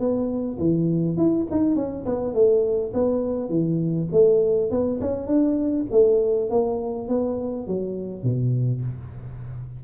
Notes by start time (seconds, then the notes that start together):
0.00 B3
0.59 E3
1.18 E4
1.51 D#4
1.76 C#4
2.06 B3
2.34 A3
2.94 B3
3.50 E3
4.13 A3
4.71 B3
5.01 C#4
5.27 D4
5.91 A3
6.51 A#3
7.09 B3
7.68 F#3
8.24 B2